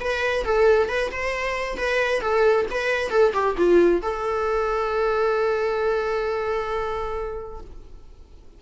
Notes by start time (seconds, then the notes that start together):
0.00 B4
0.45 A4
0.89 B4
1.11 C5
1.77 B4
2.21 A4
2.70 B4
3.10 A4
3.33 G4
3.57 F4
4.02 A4